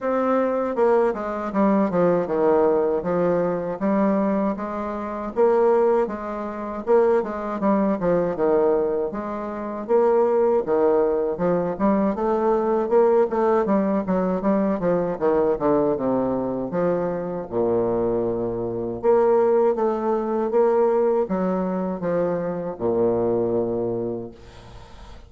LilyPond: \new Staff \with { instrumentName = "bassoon" } { \time 4/4 \tempo 4 = 79 c'4 ais8 gis8 g8 f8 dis4 | f4 g4 gis4 ais4 | gis4 ais8 gis8 g8 f8 dis4 | gis4 ais4 dis4 f8 g8 |
a4 ais8 a8 g8 fis8 g8 f8 | dis8 d8 c4 f4 ais,4~ | ais,4 ais4 a4 ais4 | fis4 f4 ais,2 | }